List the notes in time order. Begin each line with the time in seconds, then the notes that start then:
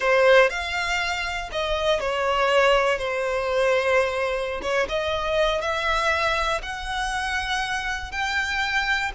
0.00 C5
0.49 F5
1.52 D#5
2.00 C#5
2.98 C5
4.61 C#5
4.89 D#5
5.61 E5
6.62 F#5
8.11 G5